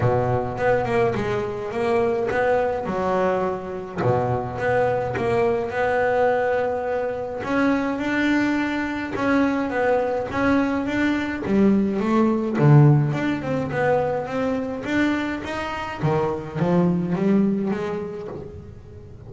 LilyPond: \new Staff \with { instrumentName = "double bass" } { \time 4/4 \tempo 4 = 105 b,4 b8 ais8 gis4 ais4 | b4 fis2 b,4 | b4 ais4 b2~ | b4 cis'4 d'2 |
cis'4 b4 cis'4 d'4 | g4 a4 d4 d'8 c'8 | b4 c'4 d'4 dis'4 | dis4 f4 g4 gis4 | }